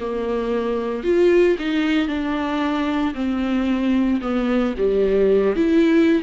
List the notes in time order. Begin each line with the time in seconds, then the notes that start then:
0.00 A#3
1.04 F4
1.59 D#4
2.08 D4
3.15 C4
4.21 B3
4.78 G3
5.56 E4